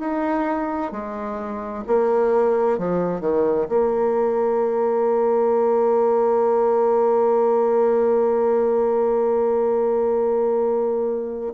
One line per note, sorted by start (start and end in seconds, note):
0.00 0.92 D#4
0.92 1.85 G#3
1.88 2.79 A#3
2.79 3.21 F3
3.21 3.67 D#3
3.69 11.54 A#3